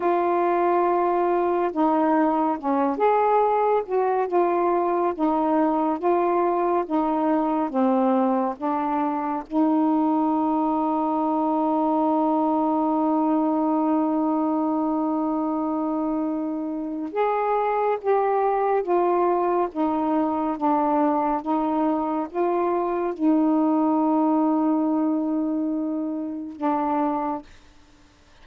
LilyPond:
\new Staff \with { instrumentName = "saxophone" } { \time 4/4 \tempo 4 = 70 f'2 dis'4 cis'8 gis'8~ | gis'8 fis'8 f'4 dis'4 f'4 | dis'4 c'4 d'4 dis'4~ | dis'1~ |
dis'1 | gis'4 g'4 f'4 dis'4 | d'4 dis'4 f'4 dis'4~ | dis'2. d'4 | }